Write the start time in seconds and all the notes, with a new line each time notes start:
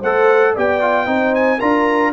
0.00 A3 A4 C5 F#5
0.54 B3 G4 D5 G5
0.81 F4
1.06 C4 D#4 C5
1.35 G#5
1.58 D4 F4 A#4 A#5